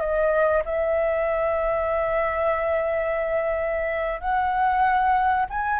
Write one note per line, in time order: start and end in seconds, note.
0.00 0.62 D#5
0.65 4.20 E5
4.20 5.45 F#5
5.50 5.79 G#5